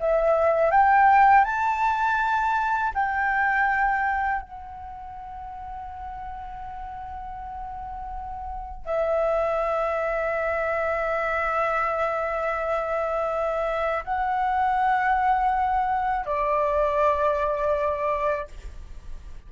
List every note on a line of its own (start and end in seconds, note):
0.00 0.71 E5
0.71 1.44 G5
1.44 2.93 A5
2.95 4.42 G5
4.42 8.86 F#5
8.86 14.04 E5
14.04 16.26 F#5
16.26 18.48 D5